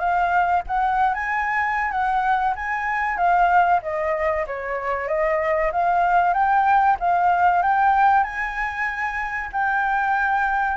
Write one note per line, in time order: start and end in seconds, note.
0.00 0.63 F5
0.67 1.14 F#5
1.14 1.91 G#5
1.91 2.55 F#5
2.56 3.18 G#5
3.18 3.81 F5
3.83 4.46 D#5
4.47 5.08 C#5
5.08 5.72 D#5
5.72 6.34 F5
6.34 6.97 G5
7.00 7.63 F5
7.63 8.24 G5
8.24 9.50 G#5
9.53 10.77 G5